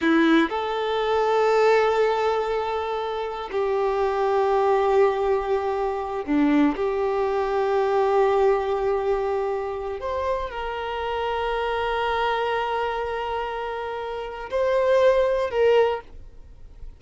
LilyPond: \new Staff \with { instrumentName = "violin" } { \time 4/4 \tempo 4 = 120 e'4 a'2.~ | a'2. g'4~ | g'1~ | g'8 d'4 g'2~ g'8~ |
g'1 | c''4 ais'2.~ | ais'1~ | ais'4 c''2 ais'4 | }